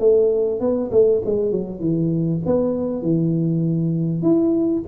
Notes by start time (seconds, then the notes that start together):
0.00 A3
0.60 B3
0.92 A3
1.26 G#3
1.52 F#3
1.80 E3
2.46 B3
3.03 E3
4.23 E4